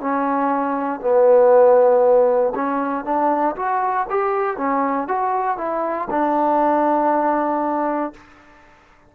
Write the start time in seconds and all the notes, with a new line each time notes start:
0.00 C#4
1.01 B3
2.55 C#4
3.05 D4
3.56 F#4
4.10 G4
4.57 C#4
5.08 F#4
5.57 E4
6.10 D4